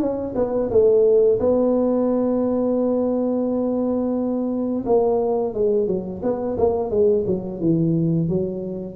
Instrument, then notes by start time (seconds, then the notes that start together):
tuba
0.00 C#4
0.36 B3
0.71 A3
1.40 B3
4.86 A#3
5.54 G#3
5.87 F#3
6.23 B3
6.58 A#3
6.91 G#3
7.27 F#3
7.61 E3
8.29 F#3